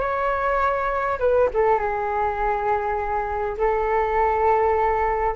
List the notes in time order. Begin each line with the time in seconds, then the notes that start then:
0.00 C#5
1.19 B4
1.54 A4
1.79 G#4
3.58 A4